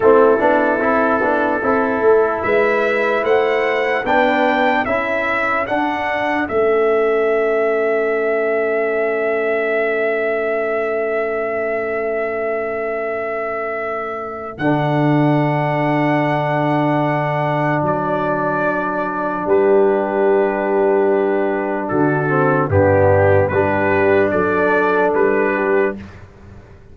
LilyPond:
<<
  \new Staff \with { instrumentName = "trumpet" } { \time 4/4 \tempo 4 = 74 a'2. e''4 | fis''4 g''4 e''4 fis''4 | e''1~ | e''1~ |
e''2 fis''2~ | fis''2 d''2 | b'2. a'4 | g'4 b'4 d''4 b'4 | }
  \new Staff \with { instrumentName = "horn" } { \time 4/4 e'2 a'4 b'4 | c''4 b'4 a'2~ | a'1~ | a'1~ |
a'1~ | a'1 | g'2. fis'4 | d'4 g'4 a'4. g'8 | }
  \new Staff \with { instrumentName = "trombone" } { \time 4/4 c'8 d'8 e'8 d'8 e'2~ | e'4 d'4 e'4 d'4 | cis'1~ | cis'1~ |
cis'2 d'2~ | d'1~ | d'2.~ d'8 c'8 | b4 d'2. | }
  \new Staff \with { instrumentName = "tuba" } { \time 4/4 a8 b8 c'8 b8 c'8 a8 gis4 | a4 b4 cis'4 d'4 | a1~ | a1~ |
a2 d2~ | d2 fis2 | g2. d4 | g,4 g4 fis4 g4 | }
>>